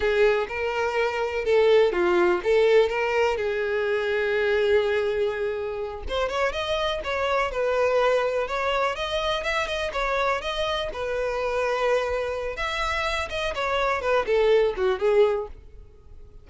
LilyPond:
\new Staff \with { instrumentName = "violin" } { \time 4/4 \tempo 4 = 124 gis'4 ais'2 a'4 | f'4 a'4 ais'4 gis'4~ | gis'1~ | gis'8 c''8 cis''8 dis''4 cis''4 b'8~ |
b'4. cis''4 dis''4 e''8 | dis''8 cis''4 dis''4 b'4.~ | b'2 e''4. dis''8 | cis''4 b'8 a'4 fis'8 gis'4 | }